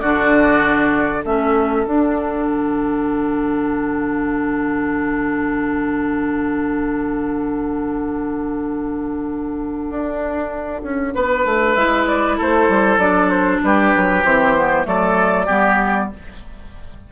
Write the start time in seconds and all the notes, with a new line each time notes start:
0.00 D3 D4 F#4 D5
1.24 A3 C#4 A4 E5
1.85 D4 F#5
2.48 D3
9.89 D4
10.83 C#4
11.14 B3 B4
11.45 A3
11.74 G#3 E4 E5
12.07 D5
12.37 A3 A4 C5
12.69 G3
12.97 F#3 D4 D5
13.30 C5
13.63 G3 G4 B4
13.96 F#3
14.23 E3 C4 C5
14.57 B3
14.84 F#3 A3 A4 D5
15.46 G3 B3 G4